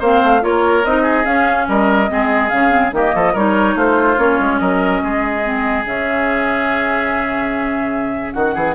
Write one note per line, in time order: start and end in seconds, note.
0.00 0.22 A#3
0.00 0.42 C4
0.00 0.42 C5
0.00 0.44 F5
0.24 0.44 A3
0.42 0.84 A#3
0.42 0.83 F4
0.42 1.03 A#4
0.42 0.85 C#5
0.84 1.26 C4
0.84 1.25 D#4
0.84 1.26 D#5
1.03 1.65 G#4
1.25 2.08 C#4
1.25 1.67 C#4
1.25 1.67 F5
1.69 2.10 G3
1.69 2.11 A#4
1.69 2.49 D#5
2.08 2.52 G#3
2.08 2.50 C4
2.08 2.95 G#4
2.49 2.93 C#3
2.49 2.70 C#4
2.49 2.91 F5
2.70 2.91 C4
2.93 3.14 D#3
2.93 3.36 A#3
2.93 3.15 G4
2.93 3.36 D#5
3.15 3.35 F3
3.15 3.33 A4
3.33 3.75 G3
3.33 4.18 D#4
3.33 3.75 A#4
3.33 3.78 C#5
3.75 4.17 A3
3.75 4.60 F4
3.75 4.19 C5
4.18 4.39 A#3
4.18 5.43 C#4
4.18 4.59 C#5
4.40 4.61 G#3
4.59 5.02 F#3
4.59 5.03 A#4
4.59 5.84 D#5
5.03 5.86 G#3
5.03 8.34 G#4
5.43 5.85 C4
5.86 8.35 C#3
5.86 8.76 C#4
5.86 8.33 E5
8.33 8.56 D#3
8.33 8.55 F#4
8.33 8.75 F#5
8.55 8.76 E3
8.55 8.76 G#4